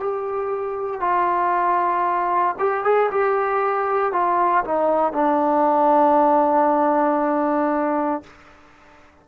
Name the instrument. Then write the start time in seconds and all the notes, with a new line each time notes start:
trombone
0.00 G4
1.01 F4
2.59 G4
2.84 G#4
3.11 G4
4.13 F4
4.65 D#4
5.13 D4